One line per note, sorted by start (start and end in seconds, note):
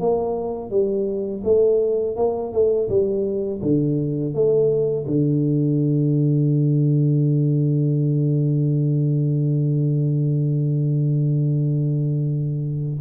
0.00 0.71 A#3
0.71 1.43 G3
1.44 2.17 A3
2.17 2.53 A#3
2.53 2.89 A3
2.89 3.61 G3
3.62 4.34 D3
4.34 5.07 A3
5.07 13.02 D3